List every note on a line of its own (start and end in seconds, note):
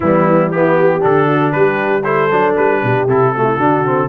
0.00 1.02 E3
0.00 0.54 G3
0.00 0.53 B3
0.00 0.51 E4
0.51 1.00 B3
0.51 0.77 E4
0.51 1.02 G4
0.77 1.27 G4
1.00 1.54 D3
1.00 2.02 D4
1.00 1.52 A4
1.27 1.53 F#4
1.52 2.31 G3
1.52 2.03 G4
1.52 2.03 B4
2.03 2.29 E4
2.03 2.80 A4
2.03 2.54 C5
2.31 2.57 F#3
2.31 3.08 D4
2.56 2.82 G3
2.56 3.07 B4
2.82 3.07 B2
2.82 3.34 G4
3.07 3.57 C3
3.07 3.34 E4
3.07 4.08 A4
3.35 3.59 A3
3.35 3.43 F#4
3.43 3.56 E4
3.57 4.08 D3
3.57 3.85 D4
3.57 4.08 F#4
3.85 4.08 C4